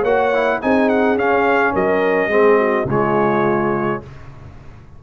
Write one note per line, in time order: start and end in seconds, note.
0.00 0.59 A#3
0.00 0.33 F#4
0.00 0.57 C#5
0.00 0.60 F#5
0.34 0.61 E4
0.61 1.15 C4
0.61 1.17 D#4
0.61 1.73 G#4
0.61 0.89 G#5
0.89 1.17 F#5
1.15 1.72 C#4
1.15 2.30 C#4
1.15 1.75 F5
1.73 2.27 F#3
1.73 2.29 A#4
1.73 2.88 D#5
2.27 2.83 G#3
2.27 2.86 C4
2.27 2.59 G#4
2.59 2.87 F#4
2.84 3.98 C#3
2.84 4.02 G#3
2.84 4.02 F4
2.84 4.03 C#5